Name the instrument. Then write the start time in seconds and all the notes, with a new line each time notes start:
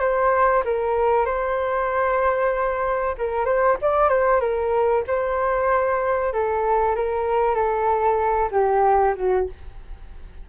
flute
0.00 C5
0.65 A#4
1.26 C5
3.18 A#4
3.45 C5
3.82 D5
4.09 C5
4.40 A#4
5.07 C5
6.33 A4
6.96 A#4
7.55 A4
8.51 G4
9.15 F#4